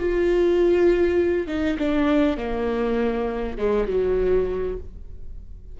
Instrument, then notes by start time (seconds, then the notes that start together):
viola
0.00 F4
1.48 D#4
1.79 D4
2.37 A#3
3.58 G#3
3.88 F#3